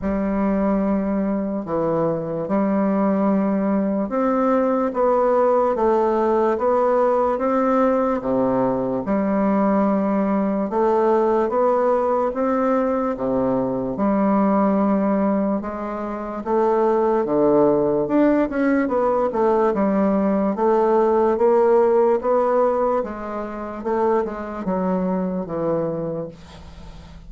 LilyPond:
\new Staff \with { instrumentName = "bassoon" } { \time 4/4 \tempo 4 = 73 g2 e4 g4~ | g4 c'4 b4 a4 | b4 c'4 c4 g4~ | g4 a4 b4 c'4 |
c4 g2 gis4 | a4 d4 d'8 cis'8 b8 a8 | g4 a4 ais4 b4 | gis4 a8 gis8 fis4 e4 | }